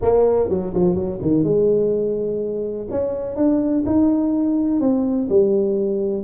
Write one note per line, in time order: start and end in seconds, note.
0.01 0.49 A#3
0.49 0.73 F#3
0.73 0.94 F3
0.94 1.18 F#3
1.21 1.43 D#3
1.43 2.87 G#3
2.90 3.36 C#4
3.36 3.84 D4
3.86 4.80 D#4
4.80 5.28 C4
5.29 6.23 G3